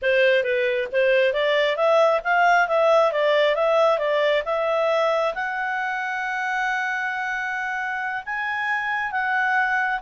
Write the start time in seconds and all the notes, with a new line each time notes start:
0.02 C5
0.43 B4
0.92 C5
1.33 D5
1.76 E5
2.23 F5
2.68 E5
3.12 D5
3.55 E5
3.98 D5
4.45 E5
5.34 F#5
8.25 G#5
9.11 F#5